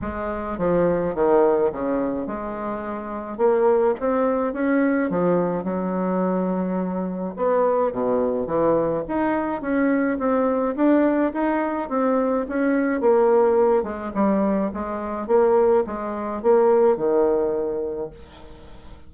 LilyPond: \new Staff \with { instrumentName = "bassoon" } { \time 4/4 \tempo 4 = 106 gis4 f4 dis4 cis4 | gis2 ais4 c'4 | cis'4 f4 fis2~ | fis4 b4 b,4 e4 |
dis'4 cis'4 c'4 d'4 | dis'4 c'4 cis'4 ais4~ | ais8 gis8 g4 gis4 ais4 | gis4 ais4 dis2 | }